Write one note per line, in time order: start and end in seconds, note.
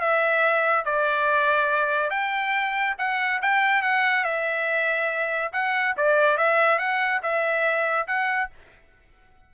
0.00 0.85 E5
0.85 2.10 D5
2.10 2.95 G5
2.98 3.41 F#5
3.42 3.82 G5
3.82 4.24 F#5
4.24 5.52 E5
5.53 5.95 F#5
5.97 6.37 D5
6.37 6.78 E5
6.78 7.21 F#5
7.22 8.07 E5
8.07 8.50 F#5